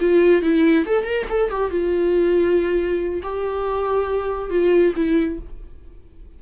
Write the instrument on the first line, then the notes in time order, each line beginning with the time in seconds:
viola
0.00 F4
0.42 E4
0.86 A4
1.05 A#4
1.29 A4
1.50 G4
1.70 F4
3.23 G4
4.50 F4
4.95 E4